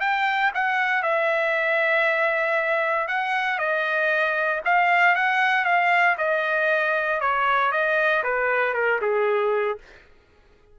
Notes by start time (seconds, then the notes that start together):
0.00 G5
0.54 F#5
1.02 E5
3.07 F#5
3.58 D#5
4.65 F5
5.15 F#5
5.65 F5
6.18 D#5
7.21 C#5
7.72 D#5
8.23 B4
8.74 A#4
9.01 G#4